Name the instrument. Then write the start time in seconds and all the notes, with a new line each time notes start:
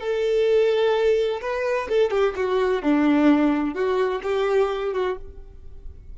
violin
0.00 A4
1.41 B4
1.88 A4
2.11 G4
2.35 F#4
2.82 D4
3.74 F#4
4.23 G4
4.93 F#4